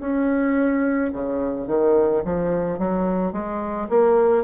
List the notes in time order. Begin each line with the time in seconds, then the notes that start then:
0.00 C#4
1.12 C#3
1.67 D#3
2.24 F3
2.78 F#3
3.32 G#3
3.89 A#3